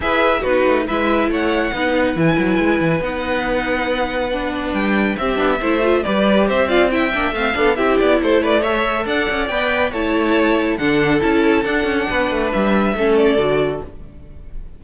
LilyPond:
<<
  \new Staff \with { instrumentName = "violin" } { \time 4/4 \tempo 4 = 139 e''4 b'4 e''4 fis''4~ | fis''4 gis''2 fis''4~ | fis''2. g''4 | e''2 d''4 e''8 f''8 |
g''4 f''4 e''8 d''8 c''8 d''8 | e''4 fis''4 g''4 a''4~ | a''4 fis''4 a''4 fis''4~ | fis''4 e''4. d''4. | }
  \new Staff \with { instrumentName = "violin" } { \time 4/4 b'4 fis'4 b'4 cis''4 | b'1~ | b'1 | g'4 c''4 b'4 c''8 d''8 |
e''4. a'8 g'4 a'8 b'8 | cis''4 d''2 cis''4~ | cis''4 a'2. | b'2 a'2 | }
  \new Staff \with { instrumentName = "viola" } { \time 4/4 gis'4 dis'4 e'2 | dis'4 e'2 dis'4~ | dis'2 d'2 | c'8 d'8 e'8 f'8 g'4. f'8 |
e'8 d'8 c'8 d'8 e'2 | a'2 b'4 e'4~ | e'4 d'4 e'4 d'4~ | d'2 cis'4 fis'4 | }
  \new Staff \with { instrumentName = "cello" } { \time 4/4 e'4 b8 a8 gis4 a4 | b4 e8 fis8 gis8 e8 b4~ | b2. g4 | c'8 b8 a4 g4 c'4~ |
c'8 ais8 a8 b8 c'8 b8 a4~ | a4 d'8 cis'8 b4 a4~ | a4 d4 cis'4 d'8 cis'8 | b8 a8 g4 a4 d4 | }
>>